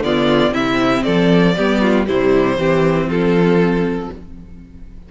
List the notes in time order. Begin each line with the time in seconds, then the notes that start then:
0.00 D3 B3 F4 D5
0.51 C3 C4 E4 E5
1.04 F3 A4 D5
1.57 G3 B3 G4
1.81 F4
2.06 C3 G3 E4 C5
2.57 E3 C4 G4
3.08 F3 F4 A4